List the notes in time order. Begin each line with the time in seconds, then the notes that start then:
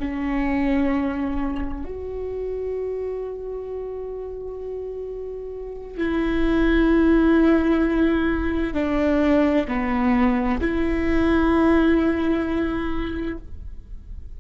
0.00 C#4
1.85 F#4
5.97 E4
8.74 D4
9.68 B3
10.60 E4